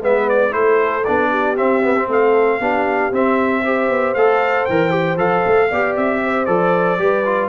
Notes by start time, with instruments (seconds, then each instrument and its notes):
0.00 tuba G#3, trombone B3, horn B4, trumpet E5
0.29 trumpet D5
0.50 tuba A3, trombone E4, horn A4, trumpet C5
1.04 tuba B3, trombone D4, trumpet D5
1.29 horn G4
1.56 trombone C4, tuba C4, trumpet E5
1.82 trombone B3
1.96 trombone C4
2.08 tuba A3, horn A4, trumpet F5
2.59 tuba B3, trombone D4, horn G4
3.12 tuba C4, trombone C4, trumpet E5
3.63 trombone G4, horn C5
3.89 tuba B3
4.14 tuba A3, trombone A4, trumpet F5
4.65 tuba E3, trombone A#4, trumpet G5
4.90 trombone G4
5.16 tuba F3, trombone A4, trumpet F5
5.46 tuba A3
5.69 tuba B3, trombone G4, horn D5
5.96 tuba C4, trumpet E5
6.23 horn C5
6.45 tuba F3, trombone A4, trumpet D5
6.98 tuba G3, trombone G4, horn B4
7.25 trombone F4